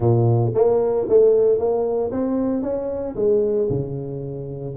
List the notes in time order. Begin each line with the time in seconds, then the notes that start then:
0.00 A#2
0.54 A#3
1.09 A3
1.58 A#3
2.11 C4
2.62 C#4
3.15 G#3
3.69 C#3